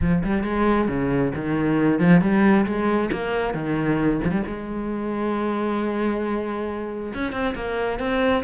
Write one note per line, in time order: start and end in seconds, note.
0.01 0.23 F3
0.23 0.43 G3
0.43 0.88 G#3
0.88 1.32 C#3
1.35 1.99 D#3
1.99 2.21 F3
2.21 2.65 G3
2.66 3.10 G#3
3.12 3.54 A#3
3.54 4.20 D#3
4.24 4.31 F3
4.31 4.42 G3
4.46 7.13 G#3
7.14 7.32 C#4
7.32 7.54 C4
7.55 7.99 A#3
7.99 8.43 C4